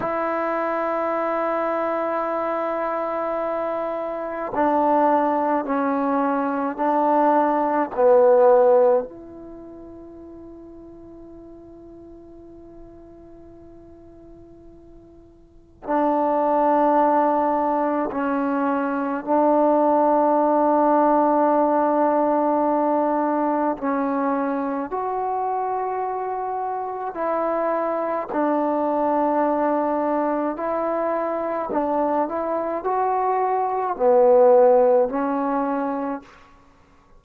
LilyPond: \new Staff \with { instrumentName = "trombone" } { \time 4/4 \tempo 4 = 53 e'1 | d'4 cis'4 d'4 b4 | e'1~ | e'2 d'2 |
cis'4 d'2.~ | d'4 cis'4 fis'2 | e'4 d'2 e'4 | d'8 e'8 fis'4 b4 cis'4 | }